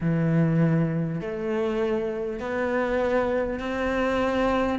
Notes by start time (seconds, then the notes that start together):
0.00 E3
1.20 A3
2.39 B3
3.59 C4